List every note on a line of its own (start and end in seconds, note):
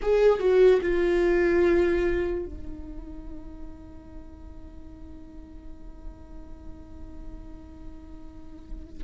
0.02 0.39 G#4
0.39 0.80 F#4
0.81 2.45 F4
2.45 9.03 D#4